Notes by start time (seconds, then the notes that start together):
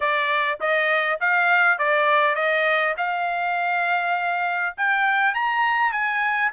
0.00 D5
0.60 D#5
1.20 F5
1.78 D5
2.35 D#5
2.97 F5
4.77 G5
5.34 A#5
5.92 G#5